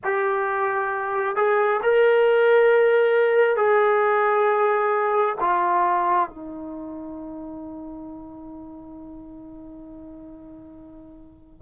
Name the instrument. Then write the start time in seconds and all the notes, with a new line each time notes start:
trombone
0.04 G4
1.36 G#4
1.82 A#4
3.56 G#4
5.40 F4
6.29 D#4